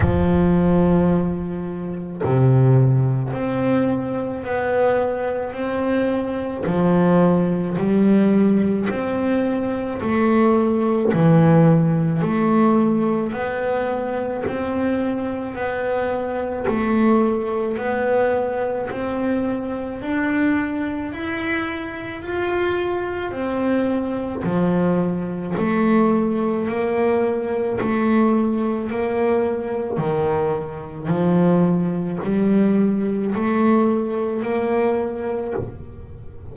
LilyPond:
\new Staff \with { instrumentName = "double bass" } { \time 4/4 \tempo 4 = 54 f2 c4 c'4 | b4 c'4 f4 g4 | c'4 a4 e4 a4 | b4 c'4 b4 a4 |
b4 c'4 d'4 e'4 | f'4 c'4 f4 a4 | ais4 a4 ais4 dis4 | f4 g4 a4 ais4 | }